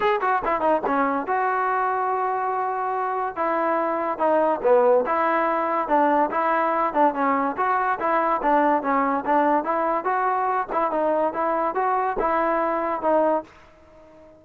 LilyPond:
\new Staff \with { instrumentName = "trombone" } { \time 4/4 \tempo 4 = 143 gis'8 fis'8 e'8 dis'8 cis'4 fis'4~ | fis'1 | e'2 dis'4 b4 | e'2 d'4 e'4~ |
e'8 d'8 cis'4 fis'4 e'4 | d'4 cis'4 d'4 e'4 | fis'4. e'8 dis'4 e'4 | fis'4 e'2 dis'4 | }